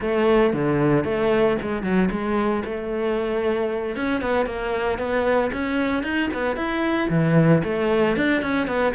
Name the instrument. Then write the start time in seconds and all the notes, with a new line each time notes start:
cello
0.00 A3
0.53 D3
1.04 A3
1.61 G#3
1.83 F#3
2.11 G#3
2.65 A3
3.96 C#4
4.21 B3
4.46 A#3
4.98 B3
5.52 C#4
6.03 D#4
6.33 B3
6.56 E4
7.09 E3
7.63 A3
8.16 D4
8.42 C#4
8.67 B3